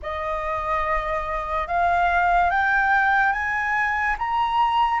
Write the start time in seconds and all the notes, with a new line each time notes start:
0.02 D#5
1.67 F5
2.50 G5
3.32 G#5
4.18 A#5